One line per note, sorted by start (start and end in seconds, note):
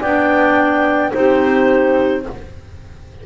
0.00 1.13 B3
0.00 1.12 D4
0.00 1.11 D5
0.00 1.12 G5
1.12 2.27 C4
1.12 2.23 D#4
1.12 2.27 G4
1.12 2.23 C5